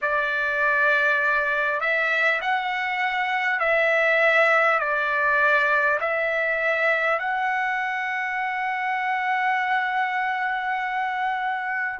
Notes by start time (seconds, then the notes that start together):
0.01 D5
1.80 E5
2.41 F#5
3.59 E5
4.79 D5
6.00 E5
7.19 F#5